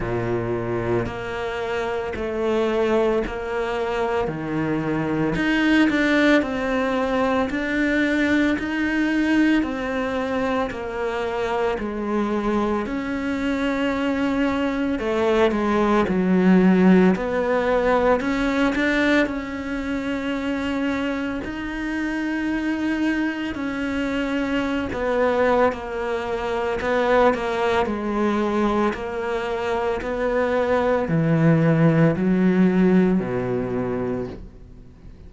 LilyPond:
\new Staff \with { instrumentName = "cello" } { \time 4/4 \tempo 4 = 56 ais,4 ais4 a4 ais4 | dis4 dis'8 d'8 c'4 d'4 | dis'4 c'4 ais4 gis4 | cis'2 a8 gis8 fis4 |
b4 cis'8 d'8 cis'2 | dis'2 cis'4~ cis'16 b8. | ais4 b8 ais8 gis4 ais4 | b4 e4 fis4 b,4 | }